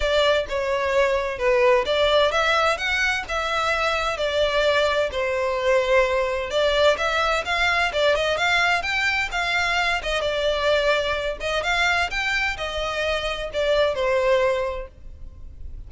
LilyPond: \new Staff \with { instrumentName = "violin" } { \time 4/4 \tempo 4 = 129 d''4 cis''2 b'4 | d''4 e''4 fis''4 e''4~ | e''4 d''2 c''4~ | c''2 d''4 e''4 |
f''4 d''8 dis''8 f''4 g''4 | f''4. dis''8 d''2~ | d''8 dis''8 f''4 g''4 dis''4~ | dis''4 d''4 c''2 | }